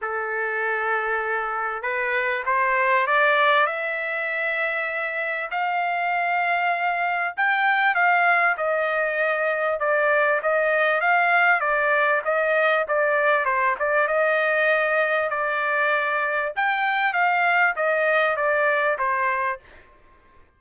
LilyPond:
\new Staff \with { instrumentName = "trumpet" } { \time 4/4 \tempo 4 = 98 a'2. b'4 | c''4 d''4 e''2~ | e''4 f''2. | g''4 f''4 dis''2 |
d''4 dis''4 f''4 d''4 | dis''4 d''4 c''8 d''8 dis''4~ | dis''4 d''2 g''4 | f''4 dis''4 d''4 c''4 | }